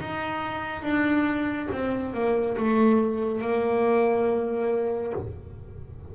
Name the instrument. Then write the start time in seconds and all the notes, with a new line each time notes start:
double bass
0.00 D#4
0.82 D4
1.72 C4
2.14 A#3
2.57 A3
3.41 A#3